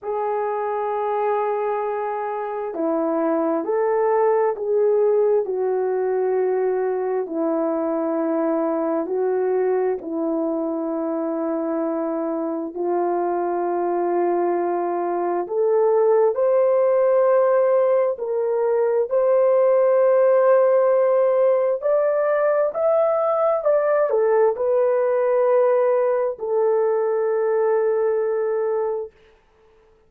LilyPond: \new Staff \with { instrumentName = "horn" } { \time 4/4 \tempo 4 = 66 gis'2. e'4 | a'4 gis'4 fis'2 | e'2 fis'4 e'4~ | e'2 f'2~ |
f'4 a'4 c''2 | ais'4 c''2. | d''4 e''4 d''8 a'8 b'4~ | b'4 a'2. | }